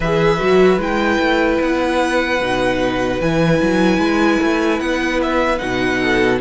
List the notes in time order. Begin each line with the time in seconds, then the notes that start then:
0.00 E3 G#4 B4 E5
0.39 F#3 F#4
0.78 G#3 E4 G5
1.19 A3
1.60 B3 F#5
2.40 B2 D#4
3.20 E3 E4 G#5
3.62 F#3
3.98 G#3
4.42 A3
4.79 B3 F#5
5.22 E5
5.58 B2 D#4 F#5
5.99 A4